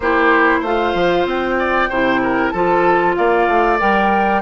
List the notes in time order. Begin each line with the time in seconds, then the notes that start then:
0.00 A#3 E4 G4 C5
0.60 A3 F4 C5 F5
0.94 F3
1.25 C4 G5
1.58 D5
1.89 C3 E4 C5
2.22 A#4
2.50 F3 F4 A4 A5
3.15 A#3 D5 F5
3.47 A3
3.79 G3 A#4 G5